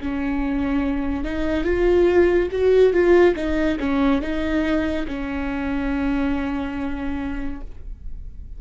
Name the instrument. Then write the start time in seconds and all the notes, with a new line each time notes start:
viola
0.00 C#4
1.24 D#4
1.64 F4
2.51 F#4
2.93 F4
3.36 D#4
3.79 C#4
4.21 D#4
5.07 C#4